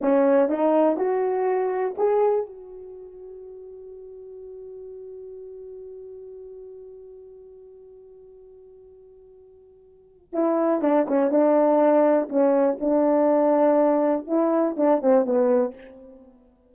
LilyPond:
\new Staff \with { instrumentName = "horn" } { \time 4/4 \tempo 4 = 122 cis'4 dis'4 fis'2 | gis'4 fis'2.~ | fis'1~ | fis'1~ |
fis'1~ | fis'4 e'4 d'8 cis'8 d'4~ | d'4 cis'4 d'2~ | d'4 e'4 d'8 c'8 b4 | }